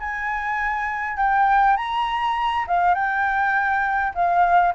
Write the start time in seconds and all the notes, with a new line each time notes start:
0.00 G#5
1.17 G5
1.77 A#5
2.68 F5
2.95 G5
4.15 F5